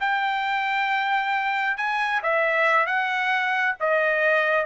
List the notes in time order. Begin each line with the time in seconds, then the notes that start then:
0.00 G5
1.77 G#5
2.23 E5
2.86 F#5
3.80 D#5